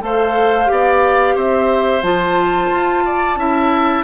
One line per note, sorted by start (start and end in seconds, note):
0.00 0.69 A3
0.00 0.66 A4
0.00 0.72 C5
0.00 1.36 F5
0.66 1.36 B3
0.66 2.01 G4
0.66 1.35 D5
1.35 2.02 C4
1.35 3.04 C5
1.35 2.02 E5
2.02 2.70 F3
2.02 3.38 F4
2.02 4.04 A5
2.71 3.36 F4
3.05 3.39 D5
3.36 4.03 C#4
3.36 4.04 E4
3.36 4.04 E5